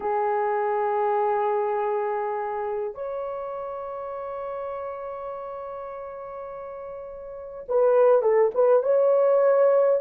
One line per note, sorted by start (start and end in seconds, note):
0.00 2.94 G#4
2.94 7.64 C#5
7.68 8.21 B4
8.21 8.51 A4
8.54 8.83 B4
8.83 10.00 C#5